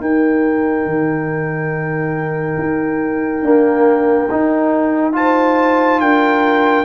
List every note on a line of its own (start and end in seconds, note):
0.00 0.85 D#4
0.00 3.43 D#4
0.00 5.15 A#4
0.00 5.15 G5
0.85 2.57 D#3
2.58 3.41 D#4
3.41 4.29 A#3
3.41 4.27 D4
4.30 5.12 D#4
4.30 6.00 D#4
5.12 6.84 F4
5.12 6.01 C5
5.12 6.00 A5
6.00 6.84 D4
6.00 6.84 A#4
6.00 6.84 G5